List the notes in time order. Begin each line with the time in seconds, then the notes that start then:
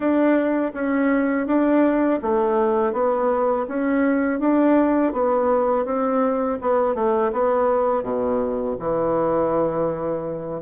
0.00 D4
0.74 C#4
1.46 D4
2.22 A3
2.92 B3
3.68 C#4
4.39 D4
5.13 B3
5.85 C4
6.61 B3
6.94 A3
7.32 B3
8.03 B2
8.79 E3